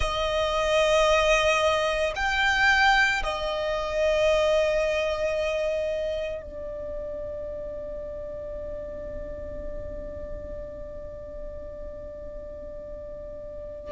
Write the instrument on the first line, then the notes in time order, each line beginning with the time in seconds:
violin
0.00 D#5
2.15 G5
3.23 D#5
6.42 D5